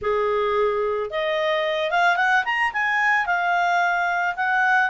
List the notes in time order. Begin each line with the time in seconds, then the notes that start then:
0.01 G#4
1.10 D#5
1.91 F5
2.16 F#5
2.44 A#5
2.72 G#5
3.26 F5
4.36 F#5